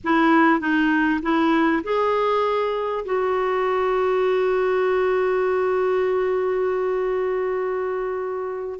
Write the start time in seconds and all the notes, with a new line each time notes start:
0.03 E4
0.60 D#4
1.22 E4
1.83 G#4
3.05 F#4